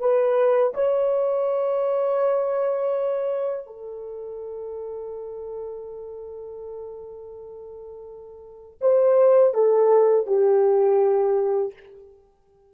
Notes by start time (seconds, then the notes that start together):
0.00 B4
0.74 C#5
3.67 A4
8.81 C5
9.54 A4
10.26 G4